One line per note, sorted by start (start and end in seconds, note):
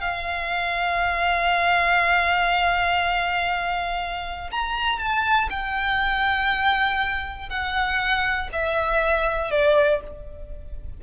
0.00 4.50 F5
4.51 4.98 A#5
4.98 5.48 A5
5.50 7.49 G5
7.49 8.49 F#5
8.52 9.50 E5
9.50 10.00 D5